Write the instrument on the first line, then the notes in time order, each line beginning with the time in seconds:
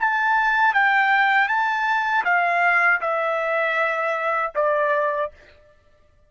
trumpet
0.00 A5
0.74 G5
1.48 A5
2.25 F5
3.01 E5
4.55 D5